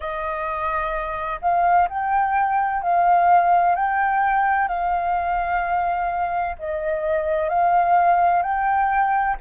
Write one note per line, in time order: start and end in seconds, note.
0.00 1.39 D#5
1.41 1.88 F5
1.88 2.82 G5
2.82 3.75 F5
3.75 4.67 G5
4.67 6.55 F5
6.58 7.49 D#5
7.49 8.42 F5
8.42 9.36 G5